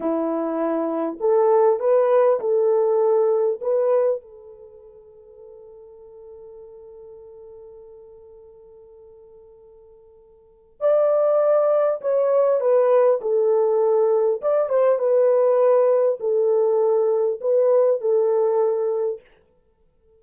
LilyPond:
\new Staff \with { instrumentName = "horn" } { \time 4/4 \tempo 4 = 100 e'2 a'4 b'4 | a'2 b'4 a'4~ | a'1~ | a'1~ |
a'2 d''2 | cis''4 b'4 a'2 | d''8 c''8 b'2 a'4~ | a'4 b'4 a'2 | }